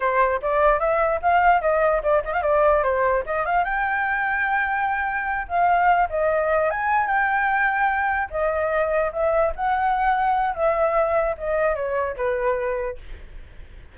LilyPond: \new Staff \with { instrumentName = "flute" } { \time 4/4 \tempo 4 = 148 c''4 d''4 e''4 f''4 | dis''4 d''8 dis''16 f''16 d''4 c''4 | dis''8 f''8 g''2.~ | g''4. f''4. dis''4~ |
dis''8 gis''4 g''2~ g''8~ | g''8 dis''2 e''4 fis''8~ | fis''2 e''2 | dis''4 cis''4 b'2 | }